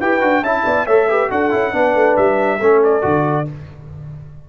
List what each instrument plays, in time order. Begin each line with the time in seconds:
0.00 tuba E4, trombone G4, horn B4, trumpet G5
0.21 tuba D4, trombone F#4
0.42 tuba C#4, trombone E4, horn E5, trumpet A5
0.65 tuba B3, horn D5
0.86 tuba A3, trombone A4, horn C#5, trumpet E5
1.09 trombone G4, horn B4
1.30 tuba D4, trombone F#4, horn A4, trumpet F#5
1.51 tuba C#4, trombone E4
1.72 tuba B3, trombone D4, horn B4
1.95 tuba A3
2.16 tuba G3, trumpet E5
2.60 tuba A3, trombone C#4, horn A4
2.84 trumpet D5
3.02 tuba D3, trombone F#4